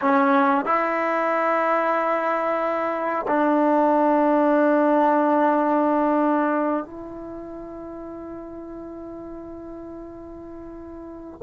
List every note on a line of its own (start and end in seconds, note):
0.01 0.65 C#4
0.65 3.25 E4
3.27 6.84 D4
6.84 11.40 E4